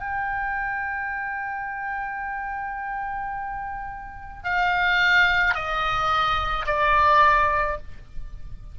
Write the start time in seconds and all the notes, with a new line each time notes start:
0.00 G5
4.44 F5
5.55 D#5
6.67 D5